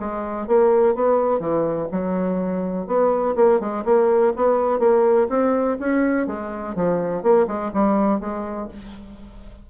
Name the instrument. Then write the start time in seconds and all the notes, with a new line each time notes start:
bassoon
0.00 G#3
0.48 A#3
0.95 B3
1.40 E3
1.92 F#3
2.87 B3
3.36 A#3
3.60 G#3
3.85 A#3
4.36 B3
4.80 A#3
5.30 C4
5.80 C#4
6.27 G#3
6.75 F3
7.23 A#3
7.47 G#3
7.74 G3
8.21 G#3